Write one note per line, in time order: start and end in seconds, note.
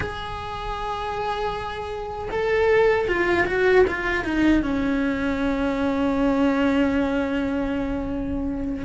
0.00 2.28 G#4
2.31 3.08 A4
3.08 3.46 F4
3.46 3.85 F#4
3.87 4.24 F4
4.24 4.63 D#4
4.63 8.84 C#4